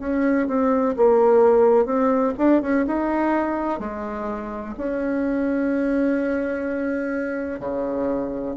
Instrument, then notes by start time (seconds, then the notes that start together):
bassoon
0.00 C#4
0.48 C4
0.97 A#3
1.86 C4
2.39 D4
2.62 C#4
2.87 D#4
3.80 G#3
4.78 C#4
7.61 C#3